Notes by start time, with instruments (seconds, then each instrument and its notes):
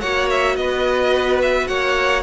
0.00 cello A#3, viola F#4, violin C#5 F#5
0.30 violin E5
0.56 cello B3, violin B4 D#5
1.42 violin E5
1.67 cello A#3, violin C#5 F#5